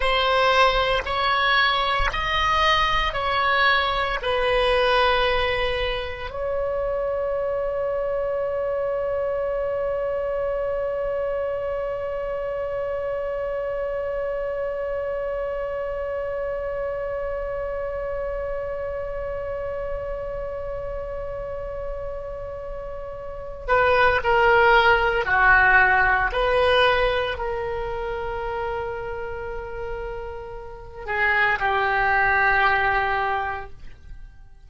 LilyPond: \new Staff \with { instrumentName = "oboe" } { \time 4/4 \tempo 4 = 57 c''4 cis''4 dis''4 cis''4 | b'2 cis''2~ | cis''1~ | cis''1~ |
cis''1~ | cis''2~ cis''8 b'8 ais'4 | fis'4 b'4 ais'2~ | ais'4. gis'8 g'2 | }